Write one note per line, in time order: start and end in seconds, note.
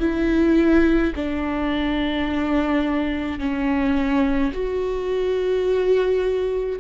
0.00 1.13 E4
1.16 3.39 D4
3.39 4.52 C#4
4.53 6.80 F#4